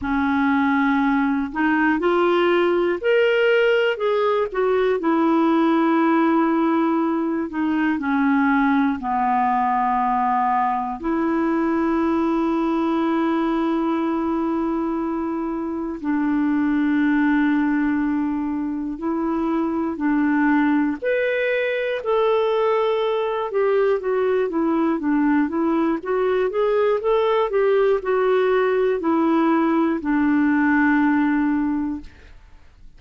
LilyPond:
\new Staff \with { instrumentName = "clarinet" } { \time 4/4 \tempo 4 = 60 cis'4. dis'8 f'4 ais'4 | gis'8 fis'8 e'2~ e'8 dis'8 | cis'4 b2 e'4~ | e'1 |
d'2. e'4 | d'4 b'4 a'4. g'8 | fis'8 e'8 d'8 e'8 fis'8 gis'8 a'8 g'8 | fis'4 e'4 d'2 | }